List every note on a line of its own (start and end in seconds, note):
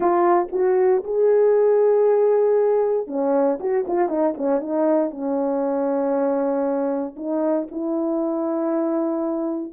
0.00 0.48 F4
0.52 1.03 F#4
1.03 3.07 G#4
3.07 3.58 C#4
3.60 3.85 F#4
3.87 4.08 F4
4.08 4.34 D#4
4.37 4.60 C#4
4.60 5.10 D#4
5.10 7.15 C#4
7.16 7.67 D#4
7.71 9.72 E4